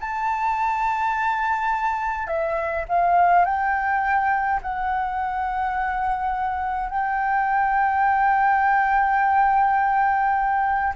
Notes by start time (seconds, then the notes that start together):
0.00 A5
2.27 E5
2.88 F5
3.45 G5
4.62 F#5
6.89 G5